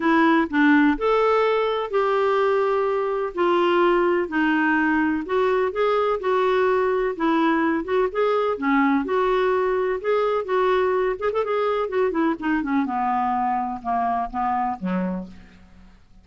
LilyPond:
\new Staff \with { instrumentName = "clarinet" } { \time 4/4 \tempo 4 = 126 e'4 d'4 a'2 | g'2. f'4~ | f'4 dis'2 fis'4 | gis'4 fis'2 e'4~ |
e'8 fis'8 gis'4 cis'4 fis'4~ | fis'4 gis'4 fis'4. gis'16 a'16 | gis'4 fis'8 e'8 dis'8 cis'8 b4~ | b4 ais4 b4 fis4 | }